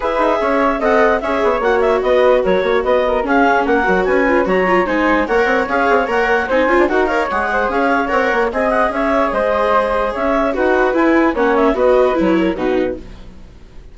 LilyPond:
<<
  \new Staff \with { instrumentName = "clarinet" } { \time 4/4 \tempo 4 = 148 e''2 fis''4 e''4 | fis''8 e''8 dis''4 cis''4 dis''4 | f''4 fis''4 gis''4 ais''4 | gis''4 fis''4 f''4 fis''4 |
gis''4 fis''8 f''8 fis''4 f''4 | fis''4 gis''8 fis''8 e''4 dis''4~ | dis''4 e''4 fis''4 gis''4 | fis''8 e''8 dis''4 cis''4 b'4 | }
  \new Staff \with { instrumentName = "flute" } { \time 4/4 b'4 cis''4 dis''4 cis''4~ | cis''4 b'4 ais'8 cis''8 b'8 ais'8 | gis'4 ais'4 b'4 cis''4 | c''4 cis''2. |
c''4 ais'8 cis''4 c''8 cis''4~ | cis''4 dis''4 cis''4 c''4~ | c''4 cis''4 b'2 | cis''4 b'4. ais'8 fis'4 | }
  \new Staff \with { instrumentName = "viola" } { \time 4/4 gis'2 a'4 gis'4 | fis'1 | cis'4. fis'4 f'8 fis'8 f'8 | dis'4 ais'4 gis'4 ais'4 |
dis'8 f'8 fis'8 ais'8 gis'2 | ais'4 gis'2.~ | gis'2 fis'4 e'4 | cis'4 fis'4 e'4 dis'4 | }
  \new Staff \with { instrumentName = "bassoon" } { \time 4/4 e'8 dis'8 cis'4 c'4 cis'8 b8 | ais4 b4 fis8 ais8 b4 | cis'4 ais8 fis8 cis'4 fis4 | gis4 ais8 c'8 cis'8 c'8 ais4 |
c'8 cis'16 d'16 dis'4 gis4 cis'4 | c'8 ais8 c'4 cis'4 gis4~ | gis4 cis'4 dis'4 e'4 | ais4 b4 fis4 b,4 | }
>>